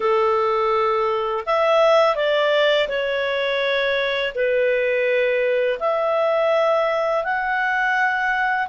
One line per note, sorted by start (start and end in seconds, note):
0.00 1.44 A4
1.46 2.15 E5
2.15 2.88 D5
2.88 4.33 C#5
4.34 5.79 B4
5.79 7.24 E5
7.24 8.68 F#5